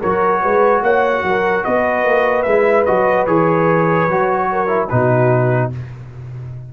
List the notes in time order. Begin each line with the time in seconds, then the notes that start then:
0.00 F#3 F#4 A#4 C#5
0.41 G#3 B4
0.82 A#3 C#5 F#5
1.22 F#3 A#4
1.64 B3 B4 D#5
2.04 A#3
2.42 G#3 E4 E5
2.85 F#3 F#4 D#5
3.26 E3 G#4 C#5
4.08 F#3 F#4
4.51 A#4
4.67 E4
4.88 B2 D#4 F#4 B4